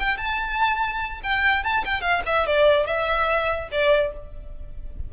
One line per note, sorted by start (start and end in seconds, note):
0.00 0.18 G5
0.18 1.21 A5
1.24 1.64 G5
1.64 1.85 A5
1.85 2.02 G5
2.02 2.23 F5
2.26 2.47 E5
2.47 2.87 D5
2.87 3.70 E5
3.72 4.13 D5